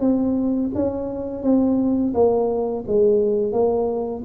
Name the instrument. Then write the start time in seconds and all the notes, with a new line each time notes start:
tuba
0.00 C4
0.75 C#4
1.43 C4
2.14 A#3
2.87 G#3
3.52 A#3